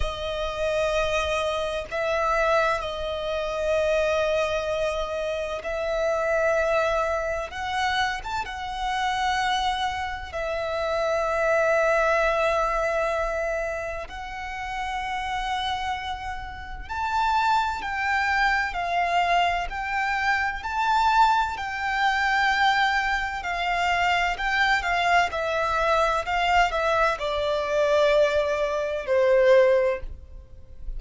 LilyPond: \new Staff \with { instrumentName = "violin" } { \time 4/4 \tempo 4 = 64 dis''2 e''4 dis''4~ | dis''2 e''2 | fis''8. a''16 fis''2 e''4~ | e''2. fis''4~ |
fis''2 a''4 g''4 | f''4 g''4 a''4 g''4~ | g''4 f''4 g''8 f''8 e''4 | f''8 e''8 d''2 c''4 | }